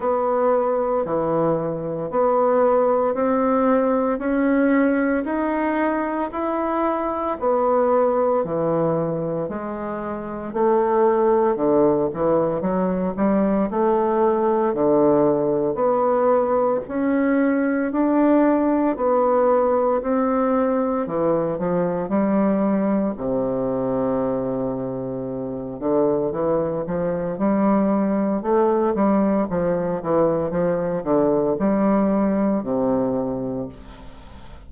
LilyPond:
\new Staff \with { instrumentName = "bassoon" } { \time 4/4 \tempo 4 = 57 b4 e4 b4 c'4 | cis'4 dis'4 e'4 b4 | e4 gis4 a4 d8 e8 | fis8 g8 a4 d4 b4 |
cis'4 d'4 b4 c'4 | e8 f8 g4 c2~ | c8 d8 e8 f8 g4 a8 g8 | f8 e8 f8 d8 g4 c4 | }